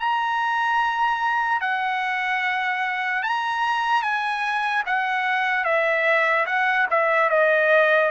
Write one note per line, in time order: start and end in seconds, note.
0.00 1.61 A#5
1.61 3.23 F#5
3.23 4.02 A#5
4.02 4.84 G#5
4.86 5.65 F#5
5.65 6.46 E5
6.46 6.87 F#5
6.91 7.30 E5
7.30 8.11 D#5